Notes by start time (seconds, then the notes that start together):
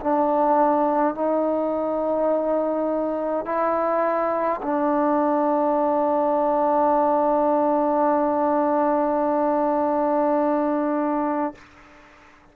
0.00 D4
1.14 D#4
3.45 E4
4.62 D4